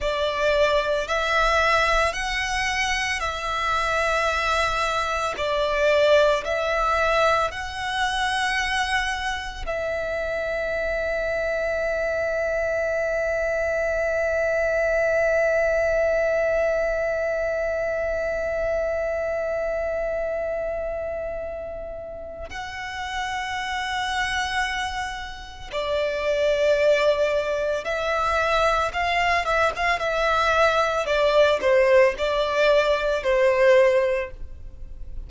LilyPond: \new Staff \with { instrumentName = "violin" } { \time 4/4 \tempo 4 = 56 d''4 e''4 fis''4 e''4~ | e''4 d''4 e''4 fis''4~ | fis''4 e''2.~ | e''1~ |
e''1~ | e''4 fis''2. | d''2 e''4 f''8 e''16 f''16 | e''4 d''8 c''8 d''4 c''4 | }